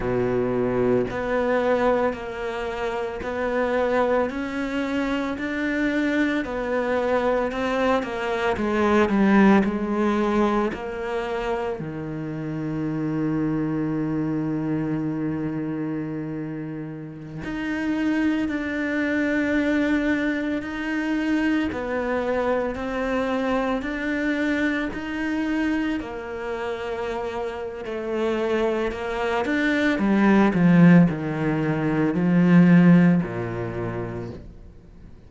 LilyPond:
\new Staff \with { instrumentName = "cello" } { \time 4/4 \tempo 4 = 56 b,4 b4 ais4 b4 | cis'4 d'4 b4 c'8 ais8 | gis8 g8 gis4 ais4 dis4~ | dis1~ |
dis16 dis'4 d'2 dis'8.~ | dis'16 b4 c'4 d'4 dis'8.~ | dis'16 ais4.~ ais16 a4 ais8 d'8 | g8 f8 dis4 f4 ais,4 | }